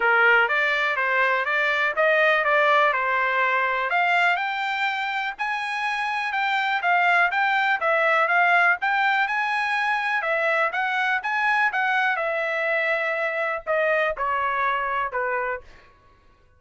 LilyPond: \new Staff \with { instrumentName = "trumpet" } { \time 4/4 \tempo 4 = 123 ais'4 d''4 c''4 d''4 | dis''4 d''4 c''2 | f''4 g''2 gis''4~ | gis''4 g''4 f''4 g''4 |
e''4 f''4 g''4 gis''4~ | gis''4 e''4 fis''4 gis''4 | fis''4 e''2. | dis''4 cis''2 b'4 | }